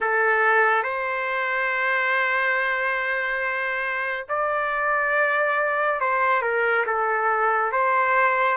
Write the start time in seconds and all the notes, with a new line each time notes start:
0.00 A4
0.83 C5
4.29 D5
6.00 C5
6.42 A#4
6.86 A4
7.71 C5